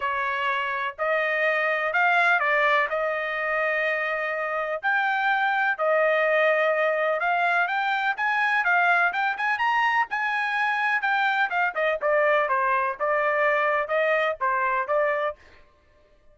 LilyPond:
\new Staff \with { instrumentName = "trumpet" } { \time 4/4 \tempo 4 = 125 cis''2 dis''2 | f''4 d''4 dis''2~ | dis''2 g''2 | dis''2. f''4 |
g''4 gis''4 f''4 g''8 gis''8 | ais''4 gis''2 g''4 | f''8 dis''8 d''4 c''4 d''4~ | d''4 dis''4 c''4 d''4 | }